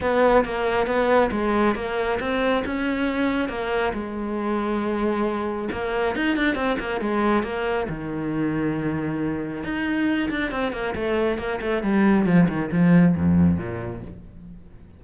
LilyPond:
\new Staff \with { instrumentName = "cello" } { \time 4/4 \tempo 4 = 137 b4 ais4 b4 gis4 | ais4 c'4 cis'2 | ais4 gis2.~ | gis4 ais4 dis'8 d'8 c'8 ais8 |
gis4 ais4 dis2~ | dis2 dis'4. d'8 | c'8 ais8 a4 ais8 a8 g4 | f8 dis8 f4 f,4 ais,4 | }